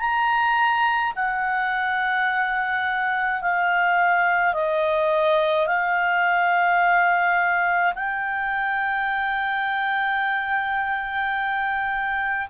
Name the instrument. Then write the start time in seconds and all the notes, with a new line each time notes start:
clarinet
0.00 A#5
1.16 F#5
3.42 F5
4.54 D#5
5.67 F5
7.96 G5